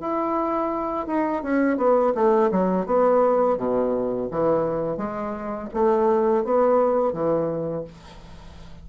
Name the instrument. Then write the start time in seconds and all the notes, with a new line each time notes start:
bassoon
0.00 E4
1.07 D#4
1.43 C#4
1.77 B3
2.15 A3
2.51 F#3
2.86 B3
3.57 B2
4.31 E3
4.97 G#3
5.73 A3
6.44 B3
7.13 E3